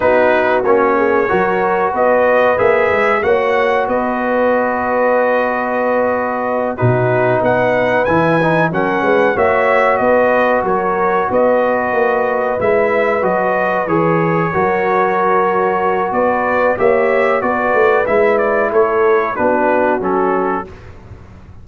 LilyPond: <<
  \new Staff \with { instrumentName = "trumpet" } { \time 4/4 \tempo 4 = 93 b'4 cis''2 dis''4 | e''4 fis''4 dis''2~ | dis''2~ dis''8 b'4 fis''8~ | fis''8 gis''4 fis''4 e''4 dis''8~ |
dis''8 cis''4 dis''2 e''8~ | e''8 dis''4 cis''2~ cis''8~ | cis''4 d''4 e''4 d''4 | e''8 d''8 cis''4 b'4 a'4 | }
  \new Staff \with { instrumentName = "horn" } { \time 4/4 fis'4. gis'8 ais'4 b'4~ | b'4 cis''4 b'2~ | b'2~ b'8 fis'4 b'8~ | b'4. ais'8 b'8 cis''4 b'8~ |
b'8 ais'4 b'2~ b'8~ | b'2~ b'8 ais'4.~ | ais'4 b'4 cis''4 b'4~ | b'4 a'4 fis'2 | }
  \new Staff \with { instrumentName = "trombone" } { \time 4/4 dis'4 cis'4 fis'2 | gis'4 fis'2.~ | fis'2~ fis'8 dis'4.~ | dis'8 e'8 dis'8 cis'4 fis'4.~ |
fis'2.~ fis'8 e'8~ | e'8 fis'4 gis'4 fis'4.~ | fis'2 g'4 fis'4 | e'2 d'4 cis'4 | }
  \new Staff \with { instrumentName = "tuba" } { \time 4/4 b4 ais4 fis4 b4 | ais8 gis8 ais4 b2~ | b2~ b8 b,4 b8~ | b8 e4 fis8 gis8 ais4 b8~ |
b8 fis4 b4 ais4 gis8~ | gis8 fis4 e4 fis4.~ | fis4 b4 ais4 b8 a8 | gis4 a4 b4 fis4 | }
>>